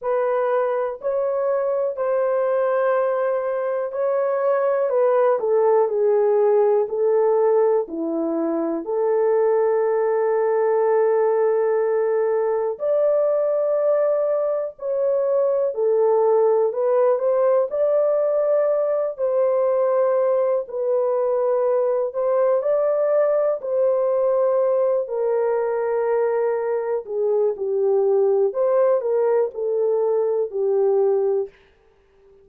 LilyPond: \new Staff \with { instrumentName = "horn" } { \time 4/4 \tempo 4 = 61 b'4 cis''4 c''2 | cis''4 b'8 a'8 gis'4 a'4 | e'4 a'2.~ | a'4 d''2 cis''4 |
a'4 b'8 c''8 d''4. c''8~ | c''4 b'4. c''8 d''4 | c''4. ais'2 gis'8 | g'4 c''8 ais'8 a'4 g'4 | }